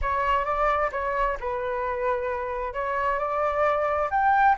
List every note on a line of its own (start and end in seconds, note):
0.01 0.44 C#5
0.44 0.90 D5
0.92 1.37 C#5
1.40 2.73 B4
2.73 3.18 C#5
3.18 4.09 D5
4.10 4.55 G5